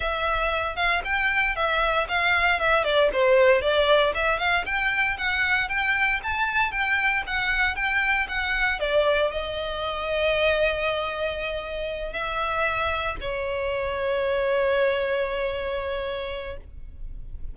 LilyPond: \new Staff \with { instrumentName = "violin" } { \time 4/4 \tempo 4 = 116 e''4. f''8 g''4 e''4 | f''4 e''8 d''8 c''4 d''4 | e''8 f''8 g''4 fis''4 g''4 | a''4 g''4 fis''4 g''4 |
fis''4 d''4 dis''2~ | dis''2.~ dis''8 e''8~ | e''4. cis''2~ cis''8~ | cis''1 | }